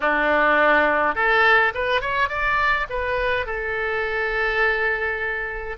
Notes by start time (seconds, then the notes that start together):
0.00 D4
1.15 A4
1.74 B4
2.01 C#5
2.28 D5
2.89 B4
3.46 A4